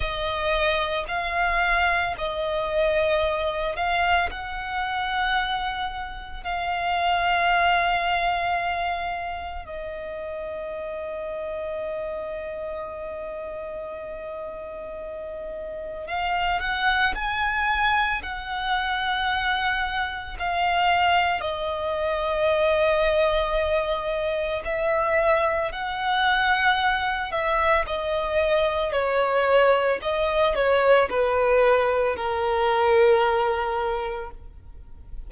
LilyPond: \new Staff \with { instrumentName = "violin" } { \time 4/4 \tempo 4 = 56 dis''4 f''4 dis''4. f''8 | fis''2 f''2~ | f''4 dis''2.~ | dis''2. f''8 fis''8 |
gis''4 fis''2 f''4 | dis''2. e''4 | fis''4. e''8 dis''4 cis''4 | dis''8 cis''8 b'4 ais'2 | }